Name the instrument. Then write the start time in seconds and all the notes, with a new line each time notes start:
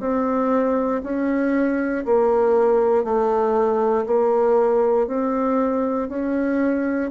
bassoon
0.00 C4
1.03 C#4
2.05 A#3
3.04 A3
4.06 A#3
5.07 C4
6.09 C#4